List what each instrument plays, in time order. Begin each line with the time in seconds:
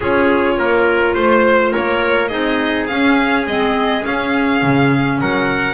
0.00 double bass C#4, clarinet F4, trumpet G#4, violin C#5
0.57 double bass A#3, trumpet A#4
1.14 double bass A3, trumpet C5, violin C5
1.72 double bass A#3, trumpet A#4, violin C#5
2.28 double bass C4, clarinet D#4, trumpet G#4, violin D#5
2.87 clarinet C#4, double bass C#4, violin F5
3.46 double bass G#3, clarinet C4, violin D#5
4.01 clarinet C#4, double bass C#4, violin F5
4.62 double bass C#3
5.20 double bass F#3, trumpet A#4, violin F#5